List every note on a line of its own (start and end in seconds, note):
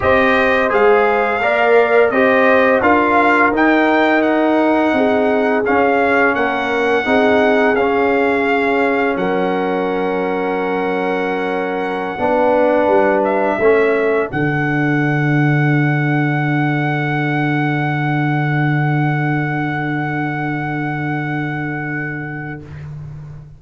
0.00 0.71 C4
0.00 0.69 G4
0.00 1.42 C5
0.00 0.72 D#5
0.69 1.41 G#3
0.69 1.40 G#4
0.69 2.10 F5
1.41 2.10 A#3
1.41 2.13 A#4
1.41 2.12 D5
2.10 2.80 C4
2.10 2.81 G4
2.10 2.82 C5
2.10 2.81 D#5
2.81 3.51 D4
2.81 3.52 F4
2.81 4.93 A#4
2.81 3.53 F5
3.51 4.92 D#4
3.51 5.64 D#4
3.51 4.21 G5
4.21 5.63 F#5
4.92 5.63 C4
4.92 6.36 G#4
5.64 7.05 C#4
5.64 6.35 C#4
5.64 6.34 F5
6.34 7.05 A#3
6.34 7.06 A#4
6.34 7.75 F#5
7.05 7.74 C4
7.05 7.75 D#4
7.05 9.17 G#4
7.74 9.15 C#4
7.74 12.18 C#4
7.74 9.16 F5
9.16 12.16 F#3
9.16 12.17 A#4
9.16 13.22 F#5
12.18 12.86 B3
12.18 13.60 D4
12.18 13.58 B4
12.86 13.57 G3
13.24 14.29 E5
13.58 14.29 A3
13.58 14.30 C#4
13.58 22.58 A4
14.30 22.62 D3
14.30 22.59 D4
14.30 22.60 F#5